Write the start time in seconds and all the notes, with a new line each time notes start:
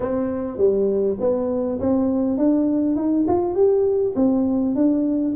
0.00 C4
0.57 G3
1.20 B3
1.80 C4
2.37 D4
2.96 D#4
3.27 F4
3.55 G4
4.15 C4
4.75 D4